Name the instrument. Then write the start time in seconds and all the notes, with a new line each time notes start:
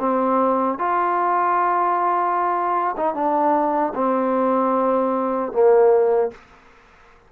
trombone
0.00 C4
0.79 F4
2.97 D#4
3.15 D4
3.95 C4
5.53 A#3